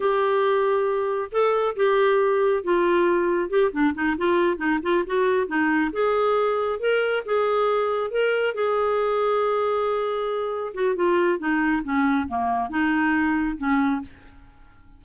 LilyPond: \new Staff \with { instrumentName = "clarinet" } { \time 4/4 \tempo 4 = 137 g'2. a'4 | g'2 f'2 | g'8 d'8 dis'8 f'4 dis'8 f'8 fis'8~ | fis'8 dis'4 gis'2 ais'8~ |
ais'8 gis'2 ais'4 gis'8~ | gis'1~ | gis'8 fis'8 f'4 dis'4 cis'4 | ais4 dis'2 cis'4 | }